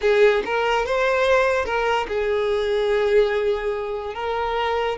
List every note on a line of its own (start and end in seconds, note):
0.01 0.43 G#4
0.45 0.85 A#4
0.85 1.65 C5
1.65 2.06 A#4
2.07 4.14 G#4
4.14 4.97 A#4